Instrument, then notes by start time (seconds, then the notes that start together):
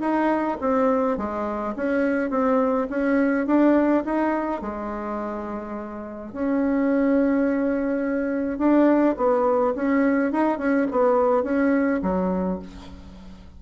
bassoon
0.00 D#4
0.60 C4
1.17 G#3
1.76 C#4
2.30 C4
2.90 C#4
3.46 D4
4.05 D#4
4.61 G#3
6.32 C#4
8.58 D4
9.17 B3
9.75 C#4
10.32 D#4
10.58 C#4
10.91 B3
11.43 C#4
12.02 F#3